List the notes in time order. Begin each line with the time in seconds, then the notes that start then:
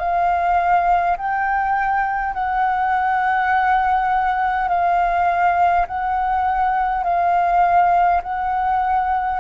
0.00 F5
1.18 G5
2.34 F#5
4.68 F5
5.88 F#5
7.04 F5
8.24 F#5